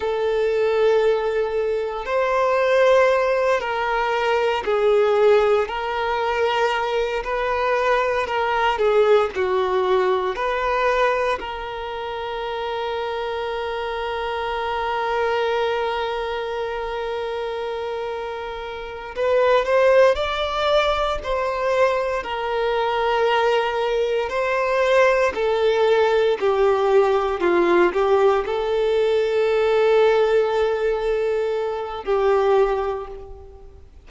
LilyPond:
\new Staff \with { instrumentName = "violin" } { \time 4/4 \tempo 4 = 58 a'2 c''4. ais'8~ | ais'8 gis'4 ais'4. b'4 | ais'8 gis'8 fis'4 b'4 ais'4~ | ais'1~ |
ais'2~ ais'8 b'8 c''8 d''8~ | d''8 c''4 ais'2 c''8~ | c''8 a'4 g'4 f'8 g'8 a'8~ | a'2. g'4 | }